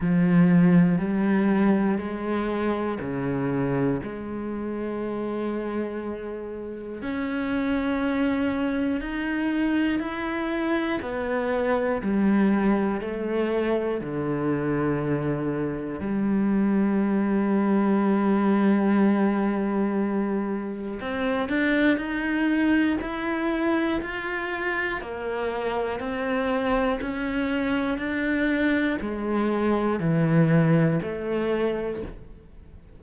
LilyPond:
\new Staff \with { instrumentName = "cello" } { \time 4/4 \tempo 4 = 60 f4 g4 gis4 cis4 | gis2. cis'4~ | cis'4 dis'4 e'4 b4 | g4 a4 d2 |
g1~ | g4 c'8 d'8 dis'4 e'4 | f'4 ais4 c'4 cis'4 | d'4 gis4 e4 a4 | }